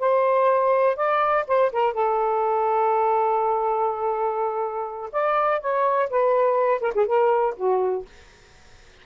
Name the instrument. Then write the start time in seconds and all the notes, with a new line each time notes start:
saxophone
0.00 C5
0.96 D5
1.48 C5
1.73 A#4
1.94 A4
5.13 D5
5.61 C#5
6.10 B4
6.82 A#4
6.95 G#4
7.07 A#4
7.57 F#4